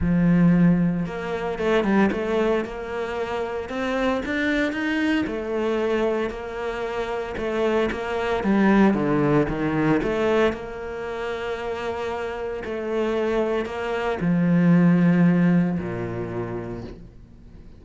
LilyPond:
\new Staff \with { instrumentName = "cello" } { \time 4/4 \tempo 4 = 114 f2 ais4 a8 g8 | a4 ais2 c'4 | d'4 dis'4 a2 | ais2 a4 ais4 |
g4 d4 dis4 a4 | ais1 | a2 ais4 f4~ | f2 ais,2 | }